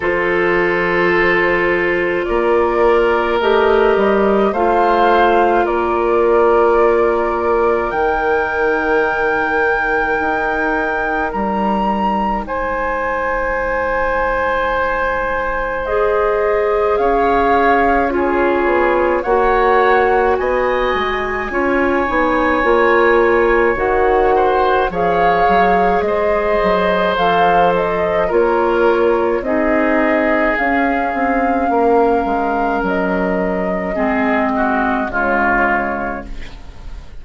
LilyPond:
<<
  \new Staff \with { instrumentName = "flute" } { \time 4/4 \tempo 4 = 53 c''2 d''4 dis''4 | f''4 d''2 g''4~ | g''2 ais''4 gis''4~ | gis''2 dis''4 f''4 |
cis''4 fis''4 gis''2~ | gis''4 fis''4 f''4 dis''4 | f''8 dis''8 cis''4 dis''4 f''4~ | f''4 dis''2 cis''4 | }
  \new Staff \with { instrumentName = "oboe" } { \time 4/4 a'2 ais'2 | c''4 ais'2.~ | ais'2. c''4~ | c''2. cis''4 |
gis'4 cis''4 dis''4 cis''4~ | cis''4. c''8 cis''4 c''4~ | c''4 ais'4 gis'2 | ais'2 gis'8 fis'8 f'4 | }
  \new Staff \with { instrumentName = "clarinet" } { \time 4/4 f'2. g'4 | f'2. dis'4~ | dis'1~ | dis'2 gis'2 |
f'4 fis'2 f'8 dis'8 | f'4 fis'4 gis'2 | a'4 f'4 dis'4 cis'4~ | cis'2 c'4 gis4 | }
  \new Staff \with { instrumentName = "bassoon" } { \time 4/4 f2 ais4 a8 g8 | a4 ais2 dis4~ | dis4 dis'4 g4 gis4~ | gis2. cis'4~ |
cis'8 b8 ais4 b8 gis8 cis'8 b8 | ais4 dis4 f8 fis8 gis8 fis8 | f4 ais4 c'4 cis'8 c'8 | ais8 gis8 fis4 gis4 cis4 | }
>>